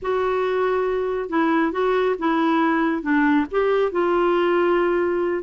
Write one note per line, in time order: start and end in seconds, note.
0.02 1.29 F#4
1.29 1.72 E4
1.72 2.15 F#4
2.19 3.02 E4
3.02 3.45 D4
3.51 3.91 G4
3.91 5.43 F4